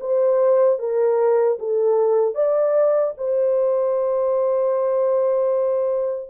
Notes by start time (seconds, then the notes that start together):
0.00 C5
0.79 A#4
1.59 A4
2.34 D5
3.18 C5